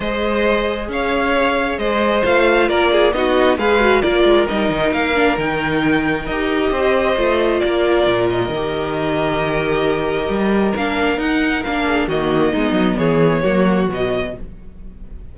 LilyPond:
<<
  \new Staff \with { instrumentName = "violin" } { \time 4/4 \tempo 4 = 134 dis''2 f''2 | dis''4 f''4 d''4 dis''4 | f''4 d''4 dis''4 f''4 | g''2 dis''2~ |
dis''4 d''4. dis''4.~ | dis''1 | f''4 fis''4 f''4 dis''4~ | dis''4 cis''2 dis''4 | }
  \new Staff \with { instrumentName = "violin" } { \time 4/4 c''2 cis''2 | c''2 ais'8 gis'8 fis'4 | b'4 ais'2.~ | ais'2. c''4~ |
c''4 ais'2.~ | ais'1~ | ais'2~ ais'8 gis'8 fis'4 | dis'4 gis'4 fis'2 | }
  \new Staff \with { instrumentName = "viola" } { \time 4/4 gis'1~ | gis'4 f'2 dis'4 | gis'8 fis'8 f'4 dis'4. d'8 | dis'2 g'2 |
f'2. g'4~ | g'1 | d'4 dis'4 d'4 ais4 | b2 ais4 fis4 | }
  \new Staff \with { instrumentName = "cello" } { \time 4/4 gis2 cis'2 | gis4 a4 ais4 b4 | gis4 ais8 gis8 g8 dis8 ais4 | dis2 dis'4 c'4 |
a4 ais4 ais,4 dis4~ | dis2. g4 | ais4 dis'4 ais4 dis4 | gis8 fis8 e4 fis4 b,4 | }
>>